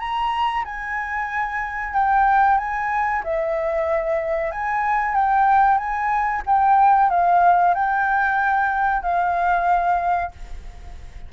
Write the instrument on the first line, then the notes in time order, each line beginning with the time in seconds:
flute
0.00 A#5
0.65 G#5
1.94 G5
2.58 G#5
3.24 E5
4.52 G#5
5.15 G5
5.78 G#5
6.46 G5
7.10 F5
7.75 G5
9.03 F5